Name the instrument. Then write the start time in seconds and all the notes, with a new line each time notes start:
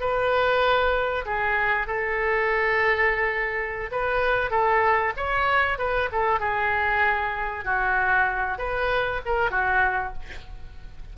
oboe
0.00 B4
1.26 G#4
1.87 A4
3.91 B4
4.51 A4
5.17 C#5
5.78 B4
6.12 A4
6.39 G#4
7.65 F#4
8.58 B4
9.26 A#4
9.51 F#4